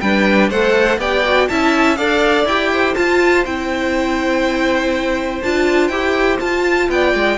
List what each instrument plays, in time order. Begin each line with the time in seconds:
0.00 cello G3, viola D4, violin B4 G5
0.50 cello A3, viola A4, violin C5 F#5
0.98 cello B3, viola G4, violin D5 G5
1.25 viola F#4
1.48 cello C#4, viola E4, violin E5 A5
1.96 cello D4, viola A4, violin D5 F5
2.45 cello E4, viola G4, violin G5
2.72 violin C5
2.95 viola F4, cello F4, violin A5
3.45 cello C4, viola E4, violin G5
5.42 cello D4, viola F4, violin A5
5.88 cello E4, viola G4, violin G5
6.39 viola F4, cello F4, violin A5
6.89 cello B3, violin D5 G5
7.14 cello G#3